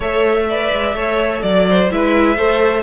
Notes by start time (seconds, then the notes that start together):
0.00 A3 A4 C#5 E5
0.48 B4 D5
0.72 G#3
0.94 A3 A4 C#5
1.42 F#3 D5
1.69 C5
1.90 G#3 E4 B4 E5
2.36 A3 A4 C5